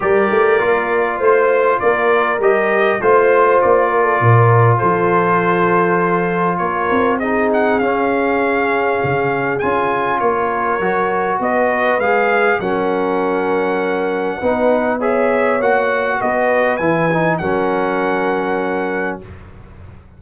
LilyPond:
<<
  \new Staff \with { instrumentName = "trumpet" } { \time 4/4 \tempo 4 = 100 d''2 c''4 d''4 | dis''4 c''4 d''2 | c''2. cis''4 | dis''8 fis''8 f''2. |
gis''4 cis''2 dis''4 | f''4 fis''2.~ | fis''4 e''4 fis''4 dis''4 | gis''4 fis''2. | }
  \new Staff \with { instrumentName = "horn" } { \time 4/4 ais'2 c''4 ais'4~ | ais'4 c''4. ais'16 a'16 ais'4 | a'2. ais'4 | gis'1~ |
gis'4 ais'2 b'4~ | b'4 ais'2. | b'4 cis''2 b'4~ | b'4 ais'2. | }
  \new Staff \with { instrumentName = "trombone" } { \time 4/4 g'4 f'2. | g'4 f'2.~ | f'1 | dis'4 cis'2. |
f'2 fis'2 | gis'4 cis'2. | dis'4 gis'4 fis'2 | e'8 dis'8 cis'2. | }
  \new Staff \with { instrumentName = "tuba" } { \time 4/4 g8 a8 ais4 a4 ais4 | g4 a4 ais4 ais,4 | f2. ais8 c'8~ | c'4 cis'2 cis4 |
cis'4 ais4 fis4 b4 | gis4 fis2. | b2 ais4 b4 | e4 fis2. | }
>>